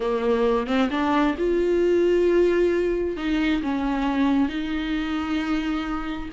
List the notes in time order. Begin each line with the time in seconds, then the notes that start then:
0.00 A#3
0.66 C4
0.90 D4
1.38 F4
3.16 D#4
3.62 C#4
4.48 D#4